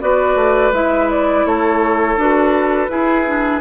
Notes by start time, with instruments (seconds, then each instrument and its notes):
0.00 bassoon B3, clarinet F#4, oboe B4, flute D5
0.35 bassoon A3
0.71 bassoon G#3, clarinet E4, flute E5
1.10 flute D5
1.45 bassoon A3, oboe A4, flute C#5
2.16 bassoon D4, clarinet F#4, flute B4
2.88 clarinet E4, bassoon E4, oboe G#4
3.26 clarinet D4